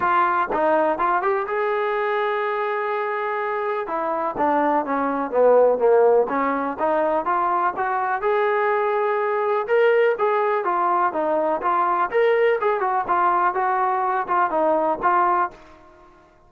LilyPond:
\new Staff \with { instrumentName = "trombone" } { \time 4/4 \tempo 4 = 124 f'4 dis'4 f'8 g'8 gis'4~ | gis'1 | e'4 d'4 cis'4 b4 | ais4 cis'4 dis'4 f'4 |
fis'4 gis'2. | ais'4 gis'4 f'4 dis'4 | f'4 ais'4 gis'8 fis'8 f'4 | fis'4. f'8 dis'4 f'4 | }